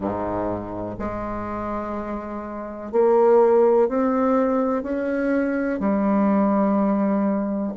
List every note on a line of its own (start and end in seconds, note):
0.00 0.96 G#2
0.99 2.92 G#3
2.92 3.88 A#3
3.88 4.82 C4
4.82 5.79 C#4
5.79 7.72 G3